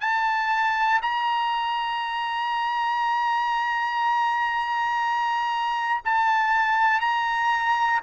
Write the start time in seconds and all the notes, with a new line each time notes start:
0.00 A5
1.02 A#5
6.05 A5
7.00 A#5